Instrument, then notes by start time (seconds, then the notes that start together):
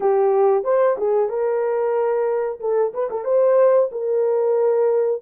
horn
0.00 G4
0.63 C5
0.97 G#4
1.29 A#4
2.60 A4
2.93 B4
3.10 A4
3.24 C5
3.91 A#4